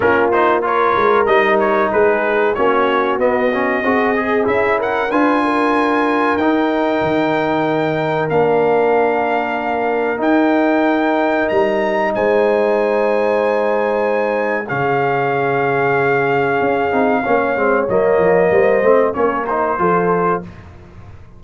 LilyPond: <<
  \new Staff \with { instrumentName = "trumpet" } { \time 4/4 \tempo 4 = 94 ais'8 c''8 cis''4 dis''8 cis''8 b'4 | cis''4 dis''2 e''8 fis''8 | gis''2 g''2~ | g''4 f''2. |
g''2 ais''4 gis''4~ | gis''2. f''4~ | f''1 | dis''2 cis''8 c''4. | }
  \new Staff \with { instrumentName = "horn" } { \time 4/4 f'4 ais'2 gis'4 | fis'2 gis'4. ais'8 | b'8 ais'2.~ ais'8~ | ais'1~ |
ais'2. c''4~ | c''2. gis'4~ | gis'2. cis''4~ | cis''4 c''4 ais'4 a'4 | }
  \new Staff \with { instrumentName = "trombone" } { \time 4/4 cis'8 dis'8 f'4 dis'2 | cis'4 b8 cis'8 fis'8 gis'8 e'4 | f'2 dis'2~ | dis'4 d'2. |
dis'1~ | dis'2. cis'4~ | cis'2~ cis'8 dis'8 cis'8 c'8 | ais4. c'8 cis'8 dis'8 f'4 | }
  \new Staff \with { instrumentName = "tuba" } { \time 4/4 ais4. gis8 g4 gis4 | ais4 b4 c'4 cis'4 | d'2 dis'4 dis4~ | dis4 ais2. |
dis'2 g4 gis4~ | gis2. cis4~ | cis2 cis'8 c'8 ais8 gis8 | fis8 f8 g8 a8 ais4 f4 | }
>>